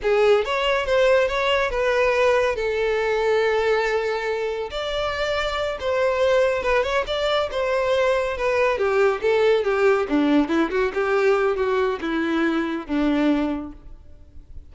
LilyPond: \new Staff \with { instrumentName = "violin" } { \time 4/4 \tempo 4 = 140 gis'4 cis''4 c''4 cis''4 | b'2 a'2~ | a'2. d''4~ | d''4. c''2 b'8 |
cis''8 d''4 c''2 b'8~ | b'8 g'4 a'4 g'4 d'8~ | d'8 e'8 fis'8 g'4. fis'4 | e'2 d'2 | }